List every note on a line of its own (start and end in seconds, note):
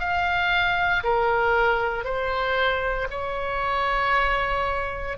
0.00 1.03 F5
1.04 2.05 A#4
2.05 3.08 C5
3.11 5.18 C#5